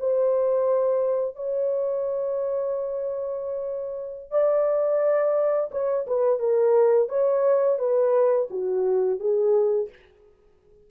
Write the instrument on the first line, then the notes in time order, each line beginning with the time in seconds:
horn
0.00 C5
1.36 C#5
4.31 D5
5.72 C#5
6.07 B4
6.40 A#4
7.09 C#5
7.79 B4
8.51 F#4
9.20 G#4